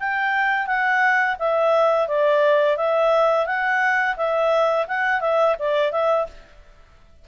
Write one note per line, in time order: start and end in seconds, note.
0.00 0.67 G5
0.67 1.36 F#5
1.39 2.08 E5
2.08 2.77 D5
2.77 3.46 E5
3.46 4.16 F#5
4.17 4.86 E5
4.87 5.21 F#5
5.21 5.56 E5
5.59 5.92 D5
5.92 6.27 E5